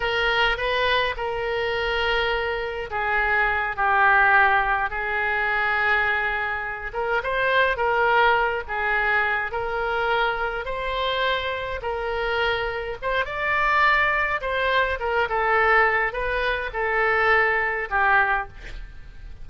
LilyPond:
\new Staff \with { instrumentName = "oboe" } { \time 4/4 \tempo 4 = 104 ais'4 b'4 ais'2~ | ais'4 gis'4. g'4.~ | g'8 gis'2.~ gis'8 | ais'8 c''4 ais'4. gis'4~ |
gis'8 ais'2 c''4.~ | c''8 ais'2 c''8 d''4~ | d''4 c''4 ais'8 a'4. | b'4 a'2 g'4 | }